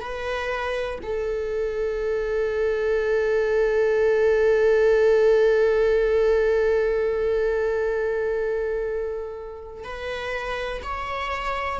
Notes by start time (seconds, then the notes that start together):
0.00 B4
1.02 A4
9.84 B4
10.82 C#5